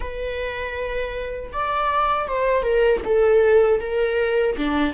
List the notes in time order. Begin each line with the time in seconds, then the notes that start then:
0.00 B4
1.52 D5
2.28 C5
2.62 A#4
3.04 A4
3.80 A#4
4.57 D4